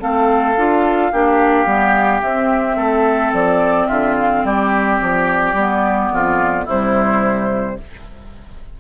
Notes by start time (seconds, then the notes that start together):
0.00 A3 C4 A4 F5
0.56 D4 F4
1.12 A#3 D4 G4
1.66 G3 B3
2.22 C4 E5
2.76 A3 A4
3.33 F3 D5
3.87 D3 F4 E5
4.20 F5
4.44 G3 G4 D5
5.01 F3
5.54 G3 B3
6.11 F2 F4
6.64 C3 G3 E4 C5